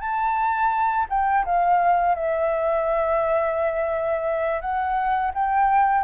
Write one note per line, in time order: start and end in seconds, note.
0.00 1.06 A5
1.09 1.44 G5
1.44 2.15 F5
2.15 4.60 E5
4.60 5.31 F#5
5.34 6.04 G5